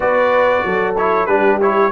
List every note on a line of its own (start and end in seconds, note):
0.00 0.63 B3
0.00 0.96 F#4
0.00 0.64 B4
0.00 0.95 D5
0.64 1.27 F#3
0.64 1.28 A4
0.96 1.28 E4
0.96 1.26 C#5
1.26 1.91 G3
1.26 1.60 D4
1.26 1.91 G4
1.26 1.58 B4
1.61 1.91 E4
1.61 1.91 C#5